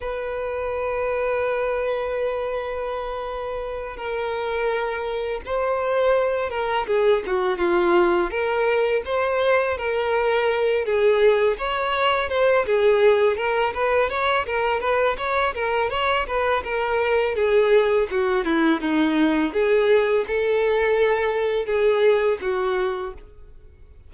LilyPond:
\new Staff \with { instrumentName = "violin" } { \time 4/4 \tempo 4 = 83 b'1~ | b'4. ais'2 c''8~ | c''4 ais'8 gis'8 fis'8 f'4 ais'8~ | ais'8 c''4 ais'4. gis'4 |
cis''4 c''8 gis'4 ais'8 b'8 cis''8 | ais'8 b'8 cis''8 ais'8 cis''8 b'8 ais'4 | gis'4 fis'8 e'8 dis'4 gis'4 | a'2 gis'4 fis'4 | }